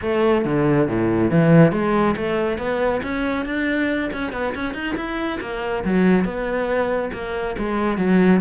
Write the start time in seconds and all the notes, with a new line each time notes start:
0.01 A3
0.44 D3
0.88 A2
1.30 E3
1.72 G#3
2.16 A3
2.57 B3
3.02 C#4
3.45 D4
4.12 C#4
4.32 B3
4.55 C#4
4.74 D#4
4.96 E4
5.40 A#3
5.84 F#3
6.25 B3
7.12 A#3
7.58 G#3
7.97 F#3